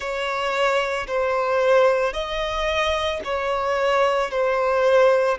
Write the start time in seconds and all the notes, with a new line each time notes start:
0.00 C#5
1.07 C5
2.13 D#5
3.24 C#5
4.31 C5